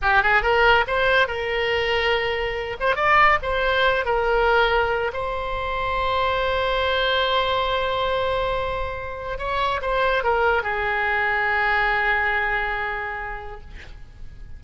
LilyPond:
\new Staff \with { instrumentName = "oboe" } { \time 4/4 \tempo 4 = 141 g'8 gis'8 ais'4 c''4 ais'4~ | ais'2~ ais'8 c''8 d''4 | c''4. ais'2~ ais'8 | c''1~ |
c''1~ | c''2 cis''4 c''4 | ais'4 gis'2.~ | gis'1 | }